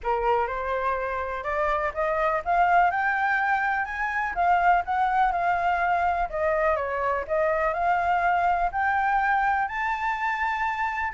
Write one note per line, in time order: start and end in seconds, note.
0.03 0.47 A#4
0.47 1.43 C5
1.43 1.92 D5
1.94 2.42 D#5
2.44 2.90 F5
2.90 3.85 G5
3.85 4.33 G#5
4.34 4.83 F5
4.85 5.32 F#5
5.32 6.29 F5
6.29 6.75 D#5
6.75 7.24 C#5
7.27 7.73 D#5
7.73 8.70 F5
8.72 9.68 G5
9.68 11.13 A5